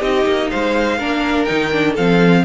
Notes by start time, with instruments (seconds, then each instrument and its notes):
0.00 cello C4, viola D#4, violin G4 D#5
0.27 cello A#3
0.51 cello G#3, violin C5 F5
0.99 cello A#3, viola D4, violin A#4
1.45 cello D#3, viola D#4, violin G5
1.72 viola D4
1.94 cello F3, viola C4, violin A4 F5